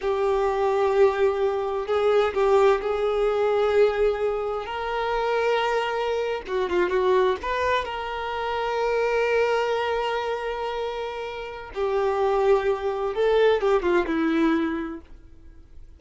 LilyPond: \new Staff \with { instrumentName = "violin" } { \time 4/4 \tempo 4 = 128 g'1 | gis'4 g'4 gis'2~ | gis'2 ais'2~ | ais'4.~ ais'16 fis'8 f'8 fis'4 b'16~ |
b'8. ais'2.~ ais'16~ | ais'1~ | ais'4 g'2. | a'4 g'8 f'8 e'2 | }